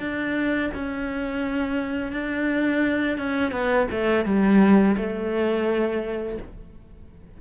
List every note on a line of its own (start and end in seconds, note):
0.00 0.71 D4
0.75 2.13 C#4
2.13 3.18 D4
3.18 3.52 C#4
3.52 3.87 B3
3.91 4.25 A3
4.25 4.96 G3
4.97 6.38 A3